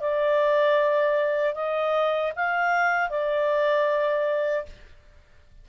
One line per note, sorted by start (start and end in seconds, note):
0.00 1.54 D5
1.54 2.32 D#5
2.36 3.10 F5
3.10 4.65 D5